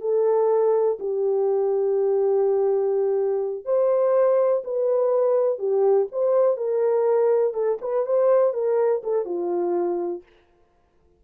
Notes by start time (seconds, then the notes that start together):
0.00 A4
0.99 G4
3.65 C5
4.64 B4
5.58 G4
6.12 C5
6.57 A#4
7.53 A4
7.81 B4
8.06 C5
8.53 A#4
9.03 A4
9.25 F4